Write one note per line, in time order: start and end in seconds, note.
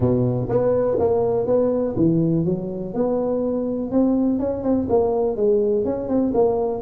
0.00 0.48 B2
0.48 0.97 B3
0.99 1.46 A#3
1.46 1.95 B3
1.96 2.45 E3
2.45 2.94 F#3
2.94 3.91 B3
3.91 4.39 C4
4.39 4.63 C#4
4.63 4.87 C4
4.89 5.36 A#3
5.36 5.84 G#3
5.84 6.08 C#4
6.08 6.32 C4
6.33 6.81 A#3